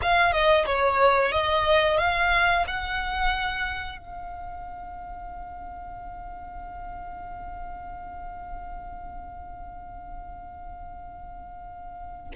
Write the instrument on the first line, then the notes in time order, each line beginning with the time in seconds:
violin
0.02 F5
0.32 D#5
0.65 C#5
1.32 D#5
1.98 F5
2.67 F#5
3.98 F5